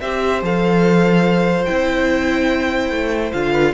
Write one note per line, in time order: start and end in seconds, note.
0.00 0.42 C4
0.00 0.42 G4
0.00 3.52 C5
0.00 0.42 E5
0.42 1.67 F3
0.42 1.67 A4
0.42 1.65 F5
1.65 2.91 C4
1.65 3.33 E4
1.65 3.32 G5
2.91 3.32 A3
3.32 3.74 D3
3.32 3.74 F4
3.32 3.74 F5
3.52 3.72 B4